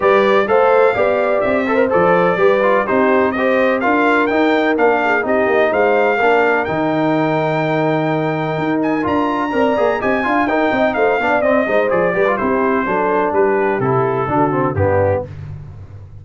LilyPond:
<<
  \new Staff \with { instrumentName = "trumpet" } { \time 4/4 \tempo 4 = 126 d''4 f''2 e''4 | d''2 c''4 dis''4 | f''4 g''4 f''4 dis''4 | f''2 g''2~ |
g''2~ g''8 gis''8 ais''4~ | ais''4 gis''4 g''4 f''4 | dis''4 d''4 c''2 | b'4 a'2 g'4 | }
  \new Staff \with { instrumentName = "horn" } { \time 4/4 b'4 c''4 d''4. c''8~ | c''4 b'4 g'4 c''4 | ais'2~ ais'8 gis'8 g'4 | c''4 ais'2.~ |
ais'1 | d''4 dis''8 f''8 ais'8 dis''8 c''8 d''8~ | d''8 c''4 b'8 g'4 a'4 | g'2 fis'4 d'4 | }
  \new Staff \with { instrumentName = "trombone" } { \time 4/4 g'4 a'4 g'4. a'16 ais'16 | a'4 g'8 f'8 dis'4 g'4 | f'4 dis'4 d'4 dis'4~ | dis'4 d'4 dis'2~ |
dis'2. f'4 | ais'8 gis'8 g'8 f'8 dis'4. d'8 | c'8 dis'8 gis'8 g'16 f'16 e'4 d'4~ | d'4 e'4 d'8 c'8 b4 | }
  \new Staff \with { instrumentName = "tuba" } { \time 4/4 g4 a4 b4 c'4 | f4 g4 c'2 | d'4 dis'4 ais4 c'8 ais8 | gis4 ais4 dis2~ |
dis2 dis'4 d'4 | c'8 ais8 c'8 d'8 dis'8 c'8 a8 b8 | c'8 gis8 f8 g8 c'4 fis4 | g4 c4 d4 g,4 | }
>>